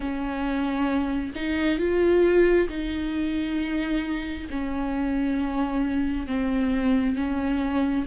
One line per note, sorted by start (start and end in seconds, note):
0.00 1.32 C#4
1.35 1.78 D#4
1.78 2.67 F4
2.69 4.48 D#4
4.49 6.26 C#4
6.26 7.15 C4
7.15 8.05 C#4